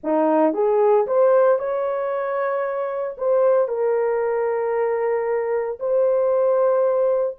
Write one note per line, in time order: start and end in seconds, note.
0.03 0.53 D#4
0.53 1.06 G#4
1.06 1.59 C5
1.59 3.17 C#5
3.17 3.68 C5
3.68 5.78 A#4
5.79 7.37 C5